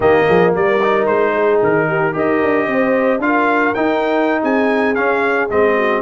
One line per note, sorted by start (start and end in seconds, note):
0.00 0.23 D#3
0.00 0.78 A#3
0.00 0.26 G4
0.00 0.54 D#5
0.26 0.55 F3
0.26 0.53 G#4
0.53 1.07 G3
0.53 1.33 A#4
0.53 1.06 D5
0.82 2.12 D#4
1.06 1.60 G#3
1.06 1.60 C5
1.33 1.87 G#4
1.62 2.15 D#3
1.62 2.17 A#4
1.87 2.13 G4
2.12 2.42 D#4
2.12 3.19 G4
2.12 2.67 A#4
2.12 3.21 D#5
2.42 2.67 D4
2.67 3.18 C4
2.67 3.23 C5
3.18 3.72 D4
3.18 3.74 F4
3.18 3.74 F5
3.25 4.41 A#4
3.74 4.95 D#4
3.74 4.43 D#4
3.74 4.41 G5
4.41 4.96 C4
4.41 5.75 G#4
4.41 4.94 G#5
4.94 5.49 C#4
4.94 5.48 F5
5.50 6.01 G#3
5.50 6.01 C4
5.50 6.01 D#5
5.76 6.01 F#4